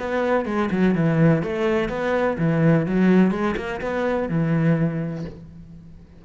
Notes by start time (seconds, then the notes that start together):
0.00 B3
0.46 G#3
0.71 F#3
0.95 E3
1.43 A3
1.89 B3
2.39 E3
2.86 F#3
3.31 G#3
3.57 A#3
3.82 B3
4.29 E3